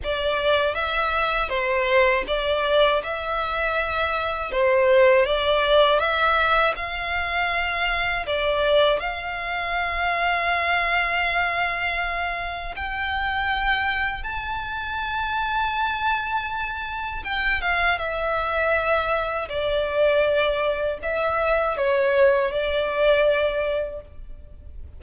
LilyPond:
\new Staff \with { instrumentName = "violin" } { \time 4/4 \tempo 4 = 80 d''4 e''4 c''4 d''4 | e''2 c''4 d''4 | e''4 f''2 d''4 | f''1~ |
f''4 g''2 a''4~ | a''2. g''8 f''8 | e''2 d''2 | e''4 cis''4 d''2 | }